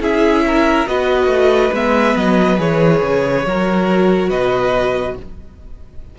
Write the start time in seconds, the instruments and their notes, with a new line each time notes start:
0.00 cello C#4, viola E4, violin G#4 E5
0.47 violin A#4
0.86 cello B3, viola F#4, violin B4 D#5
1.27 cello A3
1.73 cello G#3, viola B3, violin E5
2.16 cello F#3, violin D#5
2.58 cello E3, viola G#4, violin C#5
3.02 cello C#3
3.46 cello F#3, viola F#4, violin A#4
4.30 cello B2, violin B4 D#5